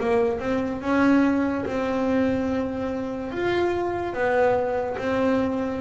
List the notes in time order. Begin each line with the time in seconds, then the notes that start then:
0.00 A#3
0.40 C4
0.81 C#4
1.65 C4
3.31 F4
4.13 B3
4.98 C4